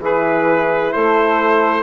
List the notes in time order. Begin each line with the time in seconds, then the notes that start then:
0.00 E3 E4 G#4 B4
0.92 A3 A4 C5